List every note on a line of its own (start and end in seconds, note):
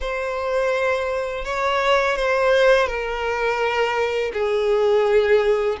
0.00 1.45 C5
1.45 2.16 C#5
2.16 2.87 C5
2.87 4.31 A#4
4.33 5.77 G#4